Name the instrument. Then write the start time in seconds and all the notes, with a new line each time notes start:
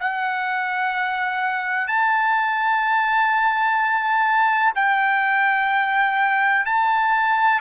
trumpet
0.00 F#5
1.88 A5
4.75 G5
6.66 A5